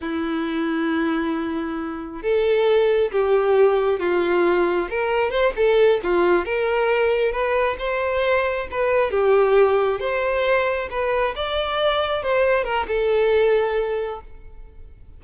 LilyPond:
\new Staff \with { instrumentName = "violin" } { \time 4/4 \tempo 4 = 135 e'1~ | e'4 a'2 g'4~ | g'4 f'2 ais'4 | c''8 a'4 f'4 ais'4.~ |
ais'8 b'4 c''2 b'8~ | b'8 g'2 c''4.~ | c''8 b'4 d''2 c''8~ | c''8 ais'8 a'2. | }